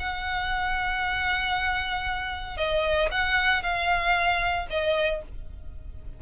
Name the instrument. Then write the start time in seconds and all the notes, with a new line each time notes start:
violin
0.00 F#5
2.57 D#5
3.11 F#5
3.63 F5
4.70 D#5